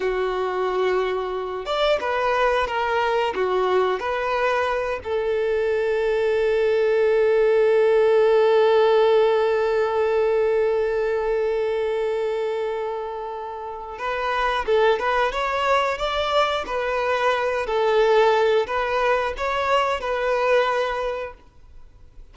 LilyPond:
\new Staff \with { instrumentName = "violin" } { \time 4/4 \tempo 4 = 90 fis'2~ fis'8 d''8 b'4 | ais'4 fis'4 b'4. a'8~ | a'1~ | a'1~ |
a'1~ | a'4 b'4 a'8 b'8 cis''4 | d''4 b'4. a'4. | b'4 cis''4 b'2 | }